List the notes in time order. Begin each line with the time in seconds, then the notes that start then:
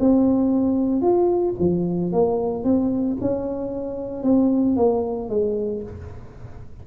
0.00 C4
1.02 F4
1.60 F3
2.13 A#3
2.64 C4
3.21 C#4
4.23 C4
4.77 A#3
5.30 G#3